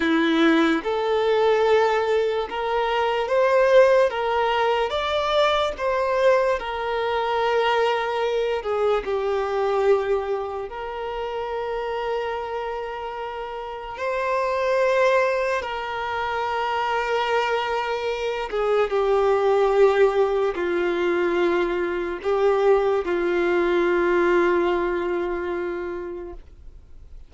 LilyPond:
\new Staff \with { instrumentName = "violin" } { \time 4/4 \tempo 4 = 73 e'4 a'2 ais'4 | c''4 ais'4 d''4 c''4 | ais'2~ ais'8 gis'8 g'4~ | g'4 ais'2.~ |
ais'4 c''2 ais'4~ | ais'2~ ais'8 gis'8 g'4~ | g'4 f'2 g'4 | f'1 | }